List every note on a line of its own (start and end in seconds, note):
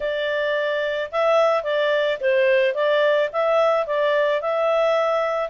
0.00 1.10 D5
1.11 1.63 E5
1.63 2.18 D5
2.20 2.74 C5
2.74 3.29 D5
3.32 3.86 E5
3.86 4.41 D5
4.41 5.49 E5